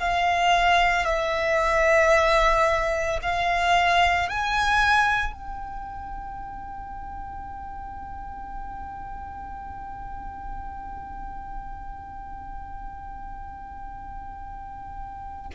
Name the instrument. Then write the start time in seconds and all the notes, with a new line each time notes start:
violin
0.00 F5
1.05 E5
3.22 F5
4.29 G#5
5.33 G5